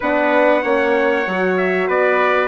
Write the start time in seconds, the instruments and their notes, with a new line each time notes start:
0.00 bassoon B3, horn D4, trumpet B4 F#5
0.62 bassoon A#3, horn C#4, trumpet C#5
1.27 bassoon F#3, horn F#4
1.57 trumpet E5
1.87 bassoon B3, trumpet B4 D5